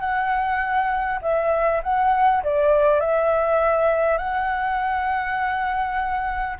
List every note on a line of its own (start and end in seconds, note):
0.00 1.20 F#5
1.22 1.82 E5
1.83 2.43 F#5
2.44 3.01 D5
3.01 4.18 E5
4.18 6.58 F#5